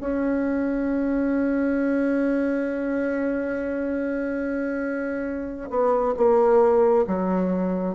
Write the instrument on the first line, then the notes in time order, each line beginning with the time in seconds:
bassoon
0.00 C#4
5.70 B3
6.17 A#3
7.07 F#3